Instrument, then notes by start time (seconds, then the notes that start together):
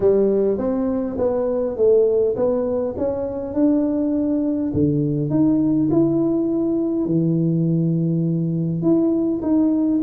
tuba
0.00 G3
0.57 C4
1.18 B3
1.76 A3
2.35 B3
2.97 C#4
3.54 D4
4.73 D3
5.30 D#4
5.90 E4
7.05 E3
8.82 E4
9.42 D#4